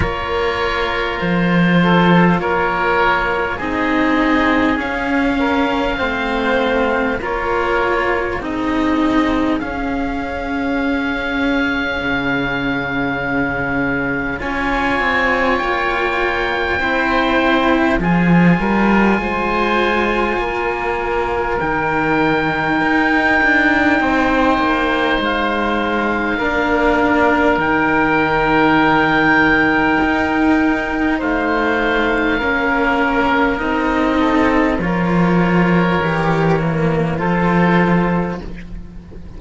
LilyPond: <<
  \new Staff \with { instrumentName = "oboe" } { \time 4/4 \tempo 4 = 50 cis''4 c''4 cis''4 dis''4 | f''2 cis''4 dis''4 | f''1 | gis''4 g''2 gis''4~ |
gis''2 g''2~ | g''4 f''2 g''4~ | g''2 f''2 | dis''4 cis''2 c''4 | }
  \new Staff \with { instrumentName = "oboe" } { \time 4/4 ais'4. a'8 ais'4 gis'4~ | gis'8 ais'8 c''4 ais'4 gis'4~ | gis'1 | cis''2 c''4 gis'8 ais'8 |
c''4 ais'2. | c''2 ais'2~ | ais'2 c''4 ais'4~ | ais'8 a'8 ais'2 a'4 | }
  \new Staff \with { instrumentName = "cello" } { \time 4/4 f'2. dis'4 | cis'4 c'4 f'4 dis'4 | cis'1 | f'2 e'4 f'4~ |
f'2 dis'2~ | dis'2 d'4 dis'4~ | dis'2. cis'4 | dis'4 f'4 g'8 ais8 f'4 | }
  \new Staff \with { instrumentName = "cello" } { \time 4/4 ais4 f4 ais4 c'4 | cis'4 a4 ais4 c'4 | cis'2 cis2 | cis'8 c'8 ais4 c'4 f8 g8 |
gis4 ais4 dis4 dis'8 d'8 | c'8 ais8 gis4 ais4 dis4~ | dis4 dis'4 a4 ais4 | c'4 f4 e4 f4 | }
>>